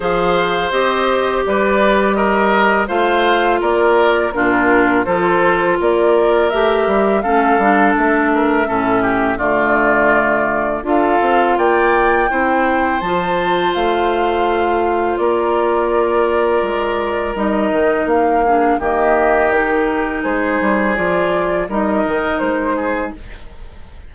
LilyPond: <<
  \new Staff \with { instrumentName = "flute" } { \time 4/4 \tempo 4 = 83 f''4 dis''4 d''4 dis''4 | f''4 d''4 ais'4 c''4 | d''4 e''4 f''4 e''4~ | e''4 d''2 f''4 |
g''2 a''4 f''4~ | f''4 d''2. | dis''4 f''4 dis''4 ais'4 | c''4 d''4 dis''4 c''4 | }
  \new Staff \with { instrumentName = "oboe" } { \time 4/4 c''2 b'4 ais'4 | c''4 ais'4 f'4 a'4 | ais'2 a'4. ais'8 | a'8 g'8 f'2 a'4 |
d''4 c''2.~ | c''4 ais'2.~ | ais'4. gis'8 g'2 | gis'2 ais'4. gis'8 | }
  \new Staff \with { instrumentName = "clarinet" } { \time 4/4 gis'4 g'2. | f'2 d'4 f'4~ | f'4 g'4 cis'8 d'4. | cis'4 a2 f'4~ |
f'4 e'4 f'2~ | f'1 | dis'4. d'8 ais4 dis'4~ | dis'4 f'4 dis'2 | }
  \new Staff \with { instrumentName = "bassoon" } { \time 4/4 f4 c'4 g2 | a4 ais4 ais,4 f4 | ais4 a8 g8 a8 g8 a4 | a,4 d2 d'8 c'8 |
ais4 c'4 f4 a4~ | a4 ais2 gis4 | g8 dis8 ais4 dis2 | gis8 g8 f4 g8 dis8 gis4 | }
>>